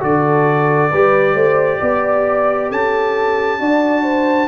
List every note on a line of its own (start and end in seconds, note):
0.00 0.92 D3
0.00 0.90 F#4
0.00 0.91 A4
0.00 2.71 D5
0.91 1.35 G3
0.91 3.59 G4
0.91 1.34 B4
1.34 1.79 A3
1.34 1.78 C5
1.79 2.71 B3
1.79 2.69 D5
2.69 3.60 C#4
2.69 3.58 A4
2.69 4.48 A5
3.59 4.48 D4
3.59 4.48 F#4
3.59 4.03 D5
4.03 4.48 C5